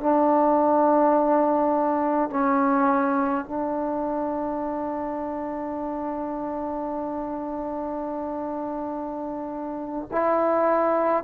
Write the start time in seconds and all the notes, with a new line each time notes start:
0.00 D4
2.30 C#4
3.45 D4
10.12 E4